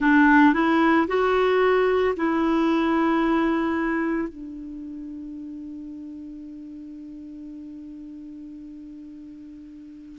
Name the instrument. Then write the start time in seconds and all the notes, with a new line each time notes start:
clarinet
0.00 D4
0.54 E4
1.07 F#4
2.16 E4
4.28 D4